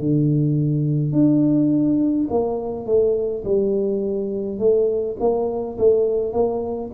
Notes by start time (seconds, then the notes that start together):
0.00 D3
1.13 D4
2.30 A#3
2.86 A3
3.45 G3
4.59 A3
5.20 A#3
5.78 A3
6.34 A#3